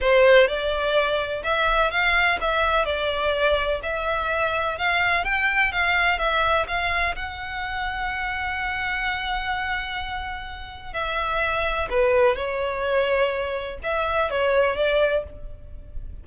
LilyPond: \new Staff \with { instrumentName = "violin" } { \time 4/4 \tempo 4 = 126 c''4 d''2 e''4 | f''4 e''4 d''2 | e''2 f''4 g''4 | f''4 e''4 f''4 fis''4~ |
fis''1~ | fis''2. e''4~ | e''4 b'4 cis''2~ | cis''4 e''4 cis''4 d''4 | }